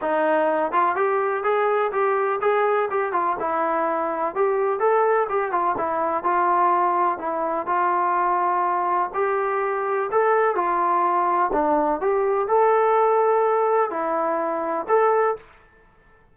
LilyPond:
\new Staff \with { instrumentName = "trombone" } { \time 4/4 \tempo 4 = 125 dis'4. f'8 g'4 gis'4 | g'4 gis'4 g'8 f'8 e'4~ | e'4 g'4 a'4 g'8 f'8 | e'4 f'2 e'4 |
f'2. g'4~ | g'4 a'4 f'2 | d'4 g'4 a'2~ | a'4 e'2 a'4 | }